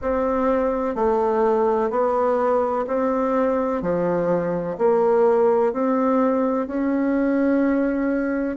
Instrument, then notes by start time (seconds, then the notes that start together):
bassoon
0.01 C4
0.95 A3
1.90 B3
2.87 C4
3.81 F3
4.78 A#3
5.72 C4
6.67 C#4